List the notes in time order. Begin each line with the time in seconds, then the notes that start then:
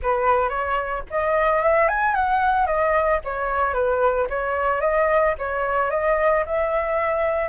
0.02 B4
0.49 C#5
1.10 D#5
1.62 E5
1.88 G#5
2.15 F#5
2.66 D#5
3.24 C#5
3.73 B4
4.29 C#5
4.80 D#5
5.38 C#5
5.90 D#5
6.46 E5